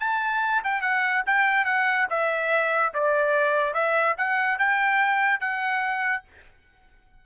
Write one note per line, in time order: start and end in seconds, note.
0.00 0.62 A5
0.64 0.81 G5
0.81 1.23 F#5
1.26 1.65 G5
1.65 2.07 F#5
2.10 2.93 E5
2.94 3.74 D5
3.74 4.16 E5
4.18 4.59 F#5
4.59 5.40 G5
5.40 6.23 F#5